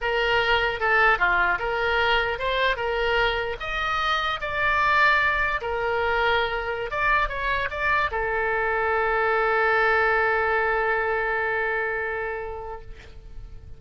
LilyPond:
\new Staff \with { instrumentName = "oboe" } { \time 4/4 \tempo 4 = 150 ais'2 a'4 f'4 | ais'2 c''4 ais'4~ | ais'4 dis''2 d''4~ | d''2 ais'2~ |
ais'4~ ais'16 d''4 cis''4 d''8.~ | d''16 a'2.~ a'8.~ | a'1~ | a'1 | }